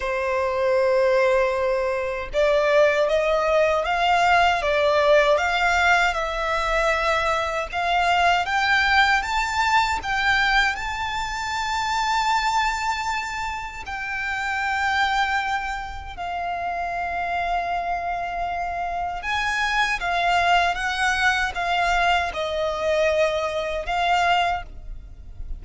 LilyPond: \new Staff \with { instrumentName = "violin" } { \time 4/4 \tempo 4 = 78 c''2. d''4 | dis''4 f''4 d''4 f''4 | e''2 f''4 g''4 | a''4 g''4 a''2~ |
a''2 g''2~ | g''4 f''2.~ | f''4 gis''4 f''4 fis''4 | f''4 dis''2 f''4 | }